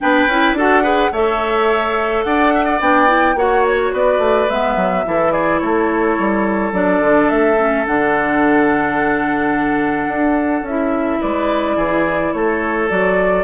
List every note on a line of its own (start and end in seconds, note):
0.00 0.27 B3
0.00 0.29 D4
0.00 0.57 B4
0.00 0.57 G5
0.27 0.53 C#4
0.27 0.58 E4
0.53 1.09 D4
0.53 0.83 F#4
0.53 0.82 A4
0.53 1.13 F#5
0.82 1.11 G#4
0.82 1.11 B4
1.12 2.24 A3
1.12 2.81 A4
1.12 2.24 C#5
1.12 2.23 E5
2.23 2.80 D4
2.23 2.54 D5
2.23 2.79 F#5
2.54 2.64 E5
2.64 3.35 D5
2.80 3.34 B3
2.80 3.07 D4
2.80 3.37 G5
3.07 3.35 E4
3.34 3.90 A#3
3.34 4.48 F#4
3.34 3.93 C#5
3.34 3.65 F#5
3.66 3.94 C#5
3.92 4.18 B3
3.92 5.05 B4
3.92 4.49 D5
4.18 4.46 A3
4.49 4.76 G#3
4.49 5.05 B3
4.49 5.31 E5
4.76 5.04 F#3
5.05 5.61 E3
5.05 6.72 E4
5.05 5.32 A4
5.31 5.60 G#4
5.31 5.59 D5
5.59 6.17 A3
5.59 11.20 A4
5.59 6.71 C#5
6.18 6.72 G3
6.72 7.00 F#3
6.72 7.57 D4
6.72 7.29 D5
7.00 7.28 D3
7.29 7.86 A3
7.29 7.85 E5
7.57 7.85 C#4
7.86 10.07 D3
7.86 10.67 D4
7.86 10.66 F#5
10.07 10.62 D4
10.62 11.18 C#4
10.62 11.21 E5
10.69 12.89 E4
11.20 11.76 G#3
11.20 11.76 B4
11.20 12.32 D5
11.76 12.32 E3
11.76 12.32 G#4
12.32 12.89 A3
12.32 13.44 A4
12.32 12.89 C#5
12.89 13.44 F#3
12.89 13.44 F#4
12.89 13.44 D5